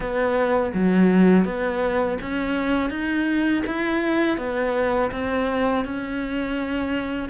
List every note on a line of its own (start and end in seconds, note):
0.00 0.73 B3
0.74 1.44 F#3
1.44 2.18 B3
2.21 2.89 C#4
2.89 3.63 D#4
3.66 4.37 E4
4.37 5.11 B3
5.11 5.84 C4
5.84 7.29 C#4